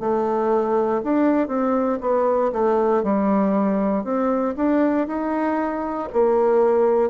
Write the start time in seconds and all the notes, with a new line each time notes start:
0.00 A3
1.04 D4
1.48 C4
2.01 B3
2.52 A3
3.03 G3
4.04 C4
4.56 D4
5.07 D#4
6.12 A#3